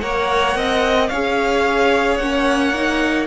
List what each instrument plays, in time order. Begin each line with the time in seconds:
0.00 cello A#3, viola A#4, violin C#5 F#5
0.55 cello C4, violin D#5
1.08 cello C#4, viola G#4, violin C#5 F5
2.17 cello A#3, viola C#4, violin F#5
2.74 viola D#4